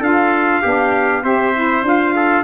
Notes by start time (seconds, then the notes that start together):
0.00 D4 F4 A4 F5
0.62 B3 D4 G4
1.23 C4 G4 C5 E5
1.54 E4
1.82 D4 F4 F5
2.15 A4